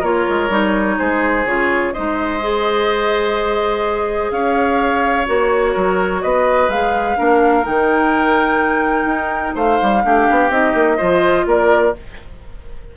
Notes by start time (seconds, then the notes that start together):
0.00 A#3 F4 A#4 C#5
0.29 G#3
0.49 G3 D#4
0.99 G#3 G#4 C5
1.45 C#3 F4 C#5
1.93 G#3 D#4 C5 D#5
2.41 G#4
4.31 C#4 C#5 F5
5.27 A#3 F#4 C#5
5.73 F#3 A#4
6.22 B3 B4 D#5
6.68 G#3 G#4 F5
7.16 A#3 D4 A#4
7.63 D#3 D#4 G5
9.06 D#4
9.55 A3 C5 F5
9.82 G3
10.04 A3 D4 G4
10.30 B3
10.50 C4 D#4 D#5
10.74 A#3
10.98 F3 F4 C5
11.46 A#3 A#4 D5